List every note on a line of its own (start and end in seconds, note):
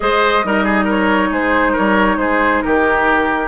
0.00 0.43 G#3
0.00 0.43 G#4
0.00 0.45 C5
0.00 0.87 D#5
0.43 1.31 G3
0.43 3.47 D#4
0.43 0.64 A#4
0.64 0.84 G#4
0.84 1.28 A#4
0.84 1.33 C#5
1.31 1.74 G#3
1.31 1.72 G#4
1.31 1.76 C5
1.72 2.16 A#4
1.72 2.18 C#5
1.78 2.17 G3
2.17 2.61 G#3
2.17 2.63 G#4
2.17 2.61 C5
2.61 3.47 D#3
2.61 3.47 G4
2.61 3.47 A#4